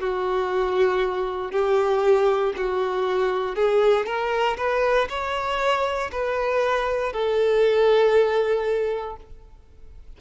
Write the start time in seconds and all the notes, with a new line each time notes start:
0.00 F#4
1.52 G4
2.57 F#4
3.55 G#4
4.06 A#4
4.57 B4
5.09 C#5
6.12 B4
7.13 A4